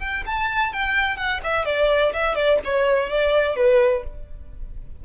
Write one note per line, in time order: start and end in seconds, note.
0.00 0.24 G5
0.26 0.73 A5
0.73 1.17 G5
1.17 1.41 F#5
1.44 1.65 E5
1.65 2.13 D5
2.14 2.36 E5
2.36 2.60 D5
2.65 3.10 C#5
3.10 3.56 D5
3.56 4.04 B4